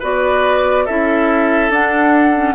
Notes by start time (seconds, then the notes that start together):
0.00 B3 F#4 B4 D5
0.86 C#4 E4 A4 E5
1.70 D4 F#5
2.36 C#4